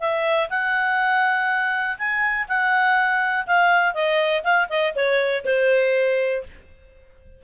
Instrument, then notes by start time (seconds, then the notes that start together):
clarinet
0.00 E5
0.50 F#5
1.98 G#5
2.48 F#5
3.47 F5
3.94 D#5
4.44 F5
4.69 D#5
4.95 C#5
5.45 C5